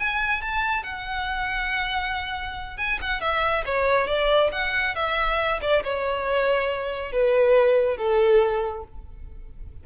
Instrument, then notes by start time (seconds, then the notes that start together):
violin
0.00 G#5
0.42 A5
0.84 F#5
2.77 G#5
3.02 F#5
3.21 E5
3.66 C#5
4.08 D5
4.52 F#5
4.96 E5
5.62 D5
5.84 C#5
7.12 B4
7.98 A4